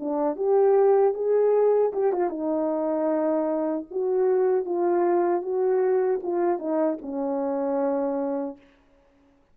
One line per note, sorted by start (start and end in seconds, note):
0.00 0.36 D4
0.36 1.14 G4
1.15 1.93 G#4
1.93 2.13 G4
2.13 2.30 F4
2.30 3.86 D#4
3.91 4.66 F#4
4.66 5.43 F4
5.43 6.21 F#4
6.23 6.59 F4
6.59 6.98 D#4
7.02 8.58 C#4